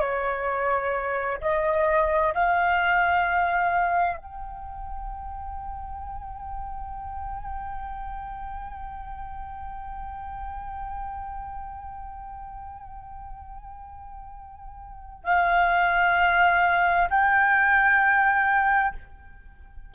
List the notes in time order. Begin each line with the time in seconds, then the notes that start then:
0.00 C#5
1.41 D#5
2.35 F5
4.17 G5
15.24 F5
17.10 G5